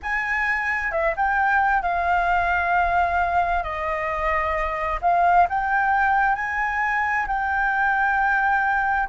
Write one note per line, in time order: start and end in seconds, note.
0.02 0.91 G#5
0.91 1.14 E5
1.16 1.82 G5
1.82 3.63 F5
3.63 4.99 D#5
5.01 5.47 F5
5.49 6.35 G5
6.35 7.26 G#5
7.27 9.09 G5